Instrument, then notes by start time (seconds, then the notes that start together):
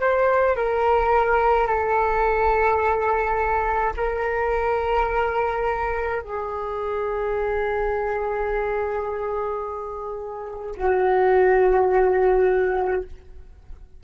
flute
0.00 C5
0.56 A#4
1.67 A4
3.96 A#4
6.22 G#4
10.77 F#4